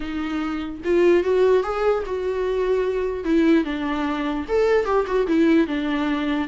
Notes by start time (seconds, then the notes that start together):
0.00 D#4
0.84 F4
1.23 F#4
1.63 G#4
2.06 F#4
3.24 E4
3.64 D4
4.48 A4
4.85 G4
5.06 F#4
5.27 E4
5.67 D4